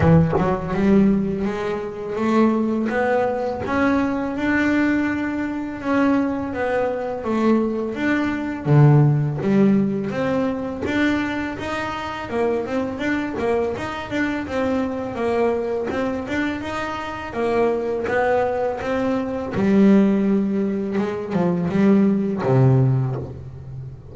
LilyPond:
\new Staff \with { instrumentName = "double bass" } { \time 4/4 \tempo 4 = 83 e8 fis8 g4 gis4 a4 | b4 cis'4 d'2 | cis'4 b4 a4 d'4 | d4 g4 c'4 d'4 |
dis'4 ais8 c'8 d'8 ais8 dis'8 d'8 | c'4 ais4 c'8 d'8 dis'4 | ais4 b4 c'4 g4~ | g4 gis8 f8 g4 c4 | }